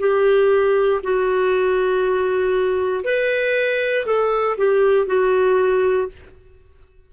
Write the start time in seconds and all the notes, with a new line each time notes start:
0.00 G4
1.04 F#4
3.04 B4
4.06 A4
4.58 G4
5.07 F#4